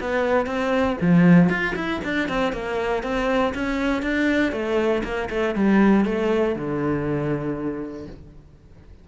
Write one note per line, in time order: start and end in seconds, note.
0.00 0.46 B3
0.46 0.96 C4
1.01 1.49 F3
1.49 1.74 F4
1.75 2.00 E4
2.04 2.28 D4
2.28 2.52 C4
2.52 3.03 A#3
3.03 3.53 C4
3.54 4.02 C#4
4.02 4.52 D4
4.52 5.02 A3
5.04 5.29 A#3
5.29 5.55 A3
5.55 6.05 G3
6.05 6.55 A3
6.55 8.06 D3